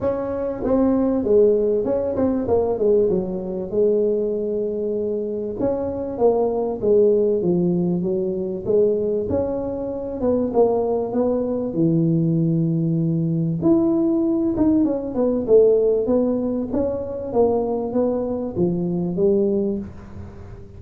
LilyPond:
\new Staff \with { instrumentName = "tuba" } { \time 4/4 \tempo 4 = 97 cis'4 c'4 gis4 cis'8 c'8 | ais8 gis8 fis4 gis2~ | gis4 cis'4 ais4 gis4 | f4 fis4 gis4 cis'4~ |
cis'8 b8 ais4 b4 e4~ | e2 e'4. dis'8 | cis'8 b8 a4 b4 cis'4 | ais4 b4 f4 g4 | }